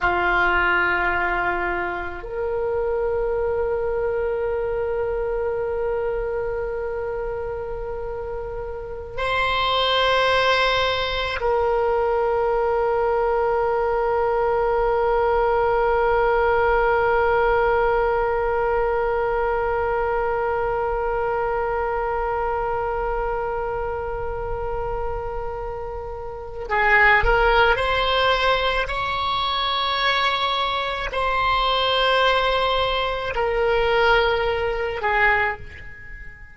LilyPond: \new Staff \with { instrumentName = "oboe" } { \time 4/4 \tempo 4 = 54 f'2 ais'2~ | ais'1~ | ais'16 c''2 ais'4.~ ais'16~ | ais'1~ |
ais'1~ | ais'1 | gis'8 ais'8 c''4 cis''2 | c''2 ais'4. gis'8 | }